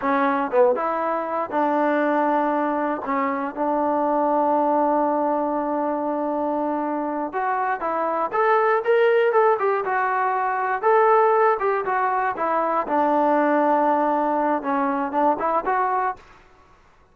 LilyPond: \new Staff \with { instrumentName = "trombone" } { \time 4/4 \tempo 4 = 119 cis'4 b8 e'4. d'4~ | d'2 cis'4 d'4~ | d'1~ | d'2~ d'8 fis'4 e'8~ |
e'8 a'4 ais'4 a'8 g'8 fis'8~ | fis'4. a'4. g'8 fis'8~ | fis'8 e'4 d'2~ d'8~ | d'4 cis'4 d'8 e'8 fis'4 | }